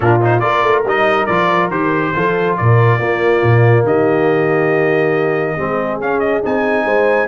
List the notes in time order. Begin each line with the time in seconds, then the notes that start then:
0.00 A#2 D4 F4 A#4
0.21 D#4 C5
0.39 A#3 F4 A#4 D5
0.62 A3
0.84 G3 D#4 D#5
1.26 F3 F4 D5
1.70 D#3 G4 C5
2.14 F3 F4 A4
2.56 A#2 A#4 D5
2.99 A#3 F4
3.42 A#2
3.84 D#3 G4 D#5
5.55 G#3 C4 G#4
6.00 C#4 F5
6.19 D#5
6.43 C4 D#4 G#5
6.84 G#3 C5